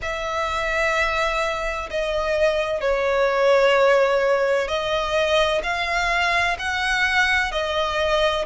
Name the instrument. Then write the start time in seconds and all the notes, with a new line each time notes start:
violin
0.02 E5
1.90 D#5
2.80 C#5
4.67 D#5
5.62 F5
6.58 F#5
7.51 D#5